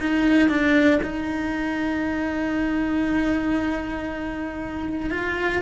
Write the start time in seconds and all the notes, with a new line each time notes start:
0.00 D#4
0.49 D4
1.03 D#4
5.10 F4